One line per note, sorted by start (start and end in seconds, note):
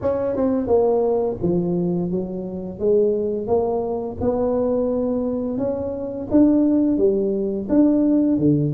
0.01 0.36 C#4
0.36 0.67 C4
0.67 1.36 A#3
1.41 2.11 F3
2.11 2.79 F#3
2.79 3.47 G#3
3.47 4.17 A#3
4.21 5.58 B3
5.58 6.27 C#4
6.30 6.97 D4
6.97 7.67 G3
7.69 8.38 D4
8.38 8.72 D3